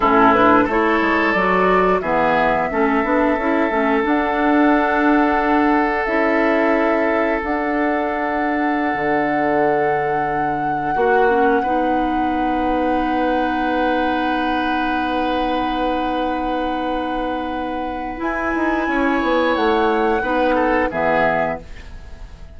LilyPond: <<
  \new Staff \with { instrumentName = "flute" } { \time 4/4 \tempo 4 = 89 a'8 b'8 cis''4 d''4 e''4~ | e''2 fis''2~ | fis''4 e''2 fis''4~ | fis''1~ |
fis''1~ | fis''1~ | fis''2. gis''4~ | gis''4 fis''2 e''4 | }
  \new Staff \with { instrumentName = "oboe" } { \time 4/4 e'4 a'2 gis'4 | a'1~ | a'1~ | a'1~ |
a'16 fis'4 b'2~ b'8.~ | b'1~ | b'1 | cis''2 b'8 a'8 gis'4 | }
  \new Staff \with { instrumentName = "clarinet" } { \time 4/4 cis'8 d'8 e'4 fis'4 b4 | cis'8 d'8 e'8 cis'8 d'2~ | d'4 e'2 d'4~ | d'1~ |
d'16 fis'8 cis'8 dis'2~ dis'8.~ | dis'1~ | dis'2. e'4~ | e'2 dis'4 b4 | }
  \new Staff \with { instrumentName = "bassoon" } { \time 4/4 a,4 a8 gis8 fis4 e4 | a8 b8 cis'8 a8 d'2~ | d'4 cis'2 d'4~ | d'4~ d'16 d2~ d8.~ |
d16 ais4 b2~ b8.~ | b1~ | b2. e'8 dis'8 | cis'8 b8 a4 b4 e4 | }
>>